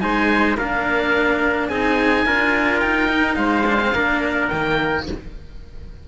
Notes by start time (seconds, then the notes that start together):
0.00 G#3 D#4 C5 G#5
0.57 A#3 D4 A#4 F5
1.69 C4 D#4 G#4 G#5
2.26 D4 F4 A#4
2.80 D#4 G5
3.08 D#4
3.35 G#3 C5 F5
3.66 D4
3.80 C4
3.92 A#3 D4 A#4
4.48 D#3 A#3 G5